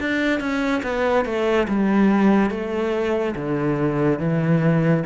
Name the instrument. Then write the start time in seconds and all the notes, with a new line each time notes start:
cello
0.00 D4
0.40 C#4
0.83 B3
1.25 A3
1.68 G3
2.51 A3
3.36 D3
4.19 E3